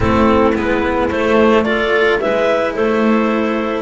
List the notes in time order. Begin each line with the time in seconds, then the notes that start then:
0.00 A3 C4 E4 A4
0.54 G#3 B3 B4
1.09 A3 C5
1.64 F4 A4 D5
2.19 G#3 E4 B4 E5
2.74 A3 A4 C5